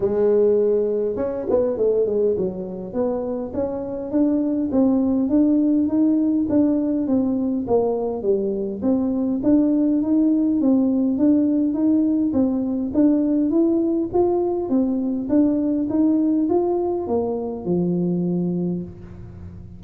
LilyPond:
\new Staff \with { instrumentName = "tuba" } { \time 4/4 \tempo 4 = 102 gis2 cis'8 b8 a8 gis8 | fis4 b4 cis'4 d'4 | c'4 d'4 dis'4 d'4 | c'4 ais4 g4 c'4 |
d'4 dis'4 c'4 d'4 | dis'4 c'4 d'4 e'4 | f'4 c'4 d'4 dis'4 | f'4 ais4 f2 | }